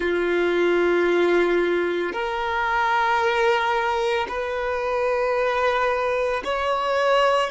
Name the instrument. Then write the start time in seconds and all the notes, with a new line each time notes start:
violin
0.00 F4
2.12 A#4
4.28 B4
6.44 C#5